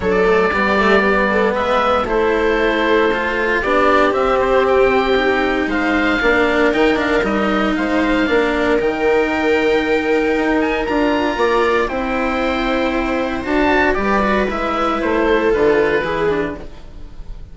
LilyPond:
<<
  \new Staff \with { instrumentName = "oboe" } { \time 4/4 \tempo 4 = 116 d''2. e''4 | c''2. d''4 | e''8 c''8 g''2 f''4~ | f''4 g''8 f''8 dis''4 f''4~ |
f''4 g''2.~ | g''8 gis''8 ais''2 g''4~ | g''2 a''4 d''4 | e''4 c''4 b'2 | }
  \new Staff \with { instrumentName = "viola" } { \time 4/4 a'4 g'4. a'8 b'4 | a'2. g'4~ | g'2. c''4 | ais'2. c''4 |
ais'1~ | ais'2 d''4 c''4~ | c''2. b'4~ | b'4. a'4. gis'4 | }
  \new Staff \with { instrumentName = "cello" } { \time 4/4 d'8 a8 b8 a8 b2 | e'2 f'4 d'4 | c'2 dis'2 | d'4 dis'8 d'8 dis'2 |
d'4 dis'2.~ | dis'4 f'2 e'4~ | e'2 fis'4 g'8 fis'8 | e'2 f'4 e'8 d'8 | }
  \new Staff \with { instrumentName = "bassoon" } { \time 4/4 fis4 g2 gis4 | a2. b4 | c'2. gis4 | ais4 dis4 g4 gis4 |
ais4 dis2. | dis'4 d'4 ais4 c'4~ | c'2 d'4 g4 | gis4 a4 d4 e4 | }
>>